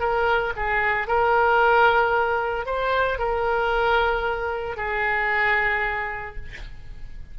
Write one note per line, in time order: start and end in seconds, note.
0.00 0.53 A#4
0.56 1.07 G#4
1.07 2.66 A#4
2.66 3.19 C5
3.19 4.77 A#4
4.77 6.36 G#4